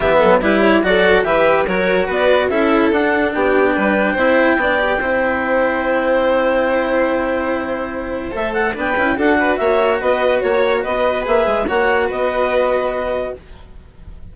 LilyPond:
<<
  \new Staff \with { instrumentName = "clarinet" } { \time 4/4 \tempo 4 = 144 e''4 b'8 cis''8 d''4 e''4 | cis''4 d''4 e''4 fis''4 | g''1~ | g''1~ |
g''1 | e''8 fis''8 g''4 fis''4 e''4 | dis''4 cis''4 dis''4 e''4 | fis''4 dis''2. | }
  \new Staff \with { instrumentName = "violin" } { \time 4/4 g'8 a'8 g'4 a'4 b'4 | ais'4 b'4 a'2 | g'4 b'4 c''4 d''4 | c''1~ |
c''1~ | c''4 b'4 a'8 b'8 cis''4 | b'4 cis''4 b'2 | cis''4 b'2. | }
  \new Staff \with { instrumentName = "cello" } { \time 4/4 b4 e'4 fis'4 g'4 | fis'2 e'4 d'4~ | d'2 e'4 d'8 g'8 | e'1~ |
e'1 | a'4 d'8 e'8 fis'2~ | fis'2. gis'4 | fis'1 | }
  \new Staff \with { instrumentName = "bassoon" } { \time 4/4 e8 fis8 g4 fis4 e4 | fis4 b4 cis'4 d'4 | b4 g4 c'4 b4 | c'1~ |
c'1 | a4 b8 cis'8 d'4 ais4 | b4 ais4 b4 ais8 gis8 | ais4 b2. | }
>>